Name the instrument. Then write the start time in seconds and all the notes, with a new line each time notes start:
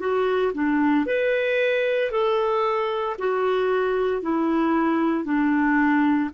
clarinet
0.00 F#4
0.54 D4
1.06 B4
2.11 A4
3.19 F#4
4.22 E4
5.25 D4